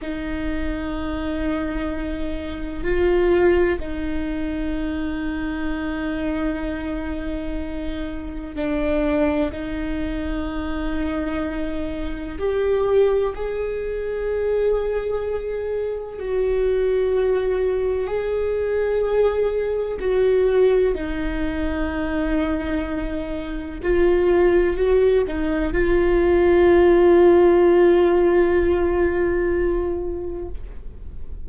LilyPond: \new Staff \with { instrumentName = "viola" } { \time 4/4 \tempo 4 = 63 dis'2. f'4 | dis'1~ | dis'4 d'4 dis'2~ | dis'4 g'4 gis'2~ |
gis'4 fis'2 gis'4~ | gis'4 fis'4 dis'2~ | dis'4 f'4 fis'8 dis'8 f'4~ | f'1 | }